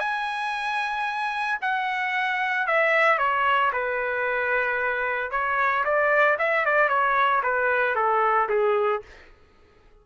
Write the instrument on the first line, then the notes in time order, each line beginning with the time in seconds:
trumpet
0.00 G#5
1.62 F#5
2.67 E5
3.19 C#5
3.73 B4
5.31 C#5
5.85 D5
6.39 E5
6.66 D5
6.89 C#5
7.43 B4
7.96 A4
8.50 G#4